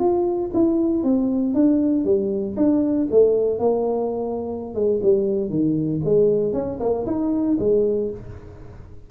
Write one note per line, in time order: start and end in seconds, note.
0.00 0.51 F4
0.54 1.04 E4
1.04 1.55 C4
1.55 2.05 D4
2.05 2.56 G3
2.57 3.08 D4
3.11 3.59 A3
3.59 4.75 A#3
4.75 5.01 G#3
5.03 5.50 G3
5.50 6.01 D#3
6.05 6.54 G#3
6.54 6.79 C#4
6.80 7.06 A#3
7.07 7.58 D#4
7.60 8.11 G#3